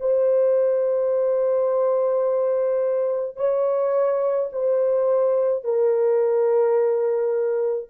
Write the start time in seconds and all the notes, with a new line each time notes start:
0.00 C5
3.37 C#5
4.53 C5
5.64 A#4